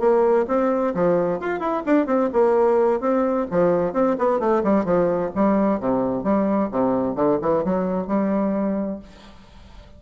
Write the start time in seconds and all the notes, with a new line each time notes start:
0.00 A#3
0.48 C4
0.95 F3
1.41 F4
1.60 E4
1.87 D4
2.07 C4
2.33 A#3
3.01 C4
3.51 F3
3.94 C4
4.19 B3
4.40 A3
4.64 G3
4.85 F3
5.35 G3
5.80 C3
6.24 G3
6.71 C3
7.16 D3
7.42 E3
7.65 F#3
8.08 G3